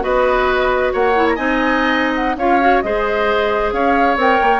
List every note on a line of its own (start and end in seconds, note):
0.00 0.93 B3
0.00 1.12 F#4
0.00 0.92 B4
0.00 0.93 D#5
0.92 1.37 A#3
0.92 1.35 C#5
0.92 1.28 F#5
1.15 1.37 E4
1.28 1.36 A#5
1.35 2.36 C4
1.35 2.38 D#4
1.35 2.36 D#5
1.35 2.14 G#5
2.14 2.37 F#5
2.36 2.81 C#4
2.36 2.60 F4
2.36 2.83 C#5
2.36 2.81 F5
2.60 2.83 F#4
2.81 3.72 G#3
2.81 4.17 G#4
2.81 3.74 C5
2.81 3.71 D#5
3.72 4.16 C#4
3.72 4.60 C#5
3.72 4.17 F5
4.16 4.38 C4
4.16 4.60 A#4
4.16 4.60 G5
4.41 4.60 A#3